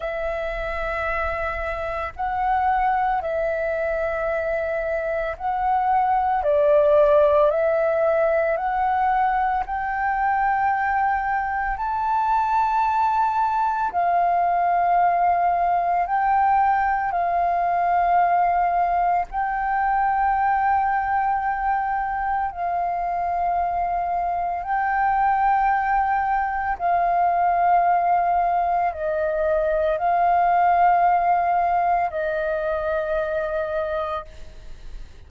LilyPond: \new Staff \with { instrumentName = "flute" } { \time 4/4 \tempo 4 = 56 e''2 fis''4 e''4~ | e''4 fis''4 d''4 e''4 | fis''4 g''2 a''4~ | a''4 f''2 g''4 |
f''2 g''2~ | g''4 f''2 g''4~ | g''4 f''2 dis''4 | f''2 dis''2 | }